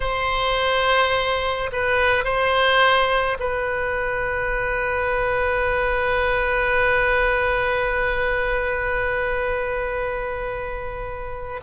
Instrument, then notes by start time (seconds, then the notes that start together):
oboe
0.00 C5
1.72 B4
2.24 C5
3.39 B4